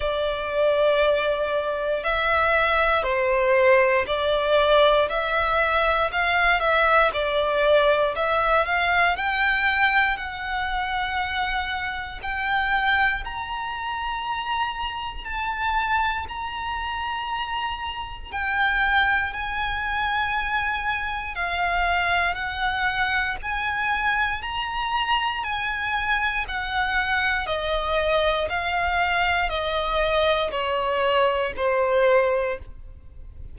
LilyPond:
\new Staff \with { instrumentName = "violin" } { \time 4/4 \tempo 4 = 59 d''2 e''4 c''4 | d''4 e''4 f''8 e''8 d''4 | e''8 f''8 g''4 fis''2 | g''4 ais''2 a''4 |
ais''2 g''4 gis''4~ | gis''4 f''4 fis''4 gis''4 | ais''4 gis''4 fis''4 dis''4 | f''4 dis''4 cis''4 c''4 | }